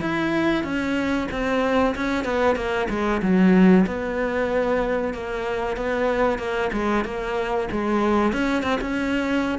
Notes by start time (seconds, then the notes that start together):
0.00 E4
0.64 C#4
1.31 C4
1.95 C#4
2.24 B3
2.56 A#3
2.89 G#3
3.22 F#3
3.86 B3
5.13 A#3
5.76 B3
6.38 A#3
6.72 G#3
7.04 A#3
7.71 G#3
8.32 C#4
8.63 C4
8.81 C#4